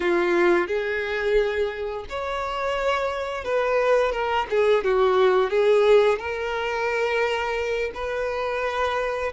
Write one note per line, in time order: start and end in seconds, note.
0.00 0.67 F4
0.67 2.05 G#4
2.09 3.44 C#5
3.44 4.12 B4
4.12 4.46 A#4
4.50 4.83 G#4
4.83 5.50 F#4
5.50 6.18 G#4
6.18 7.91 A#4
7.94 9.32 B4